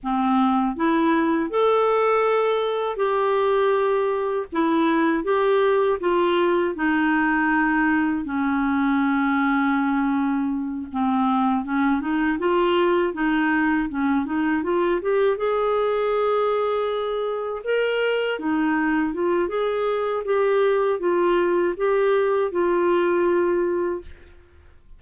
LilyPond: \new Staff \with { instrumentName = "clarinet" } { \time 4/4 \tempo 4 = 80 c'4 e'4 a'2 | g'2 e'4 g'4 | f'4 dis'2 cis'4~ | cis'2~ cis'8 c'4 cis'8 |
dis'8 f'4 dis'4 cis'8 dis'8 f'8 | g'8 gis'2. ais'8~ | ais'8 dis'4 f'8 gis'4 g'4 | f'4 g'4 f'2 | }